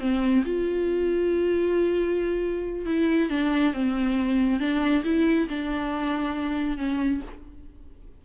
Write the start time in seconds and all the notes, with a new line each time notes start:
0.00 C4
0.45 F4
2.86 E4
3.30 D4
3.74 C4
4.60 D4
5.04 E4
5.49 D4
6.77 C#4